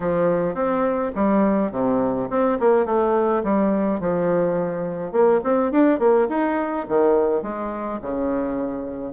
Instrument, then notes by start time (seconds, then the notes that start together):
bassoon
0.00 F3
0.54 C4
1.15 G3
1.71 C3
2.29 C4
2.59 A#3
2.85 A3
3.43 G3
4.00 F3
5.11 A#3
5.43 C4
5.71 D4
5.99 A#3
6.29 D#4
6.88 D#3
7.42 G#3
8.01 C#3